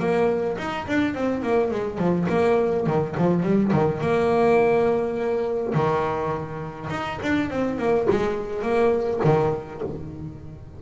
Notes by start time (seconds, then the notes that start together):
0.00 A#3
0.58 D#4
0.88 D4
1.15 C4
1.43 A#3
1.72 G#3
1.99 F3
2.29 A#3
2.87 D#3
3.18 F3
3.44 G3
3.73 D#3
4.01 A#3
5.75 D#3
6.91 D#4
7.23 D4
7.51 C4
7.79 A#3
8.10 G#3
8.63 A#3
9.25 D#3